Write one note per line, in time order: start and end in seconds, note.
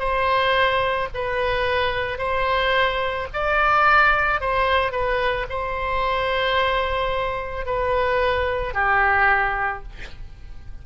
0.00 1.09 C5
1.15 2.19 B4
2.19 3.28 C5
3.34 4.41 D5
4.41 4.92 C5
4.92 5.47 B4
5.50 7.66 C5
7.66 8.74 B4
8.74 9.83 G4